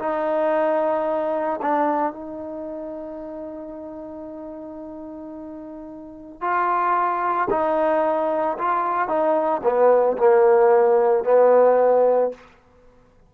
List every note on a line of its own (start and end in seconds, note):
0.00 1.61 D#4
1.62 2.13 D4
2.13 6.42 D#4
6.42 7.49 F4
7.51 8.58 D#4
8.59 9.09 F4
9.09 9.62 D#4
9.64 10.17 B3
10.18 11.25 A#3
11.25 12.32 B3